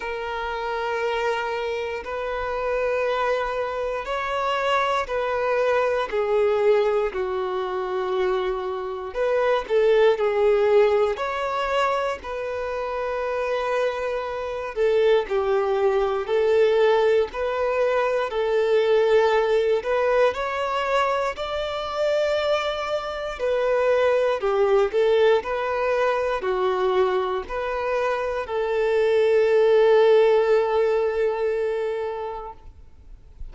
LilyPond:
\new Staff \with { instrumentName = "violin" } { \time 4/4 \tempo 4 = 59 ais'2 b'2 | cis''4 b'4 gis'4 fis'4~ | fis'4 b'8 a'8 gis'4 cis''4 | b'2~ b'8 a'8 g'4 |
a'4 b'4 a'4. b'8 | cis''4 d''2 b'4 | g'8 a'8 b'4 fis'4 b'4 | a'1 | }